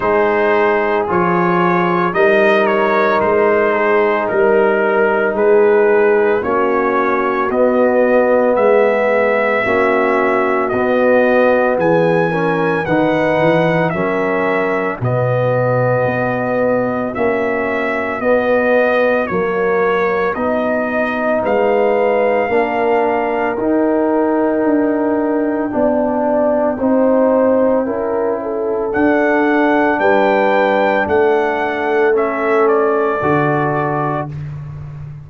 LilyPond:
<<
  \new Staff \with { instrumentName = "trumpet" } { \time 4/4 \tempo 4 = 56 c''4 cis''4 dis''8 cis''8 c''4 | ais'4 b'4 cis''4 dis''4 | e''2 dis''4 gis''4 | fis''4 e''4 dis''2 |
e''4 dis''4 cis''4 dis''4 | f''2 g''2~ | g''2. fis''4 | g''4 fis''4 e''8 d''4. | }
  \new Staff \with { instrumentName = "horn" } { \time 4/4 gis'2 ais'4. gis'8 | ais'4 gis'4 fis'2 | gis'4 fis'2 gis'8 ais'8 | b'4 ais'4 fis'2~ |
fis'1 | b'4 ais'2. | d''4 c''4 ais'8 a'4. | b'4 a'2. | }
  \new Staff \with { instrumentName = "trombone" } { \time 4/4 dis'4 f'4 dis'2~ | dis'2 cis'4 b4~ | b4 cis'4 b4. cis'8 | dis'4 cis'4 b2 |
cis'4 b4 ais4 dis'4~ | dis'4 d'4 dis'2 | d'4 dis'4 e'4 d'4~ | d'2 cis'4 fis'4 | }
  \new Staff \with { instrumentName = "tuba" } { \time 4/4 gis4 f4 g4 gis4 | g4 gis4 ais4 b4 | gis4 ais4 b4 e4 | dis8 e8 fis4 b,4 b4 |
ais4 b4 fis4 b4 | gis4 ais4 dis'4 d'4 | b4 c'4 cis'4 d'4 | g4 a2 d4 | }
>>